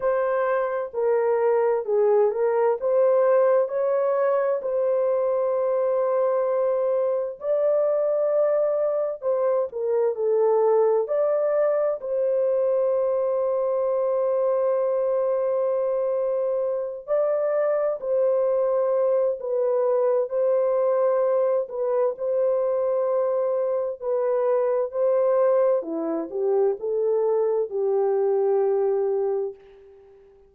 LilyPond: \new Staff \with { instrumentName = "horn" } { \time 4/4 \tempo 4 = 65 c''4 ais'4 gis'8 ais'8 c''4 | cis''4 c''2. | d''2 c''8 ais'8 a'4 | d''4 c''2.~ |
c''2~ c''8 d''4 c''8~ | c''4 b'4 c''4. b'8 | c''2 b'4 c''4 | e'8 g'8 a'4 g'2 | }